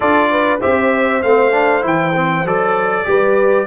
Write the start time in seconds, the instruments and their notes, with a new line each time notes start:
0.00 tuba D4, trombone F4, horn A4, trumpet D5
0.30 horn B4
0.60 tuba C4, trombone G4, horn C5, trumpet E5
1.22 tuba A3, trombone C4, trumpet F5
1.51 trombone D4
1.81 tuba E3, trombone E4, trumpet G5
2.14 trombone C4
2.44 tuba F#3, trombone A4, trumpet D5
3.05 tuba G3, trombone G4, horn B4